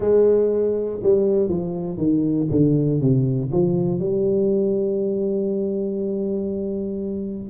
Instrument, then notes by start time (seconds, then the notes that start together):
tuba
0.00 G#3
1.03 G3
1.49 F3
1.97 D#3
2.50 D3
3.00 C3
3.51 F3
4.00 G3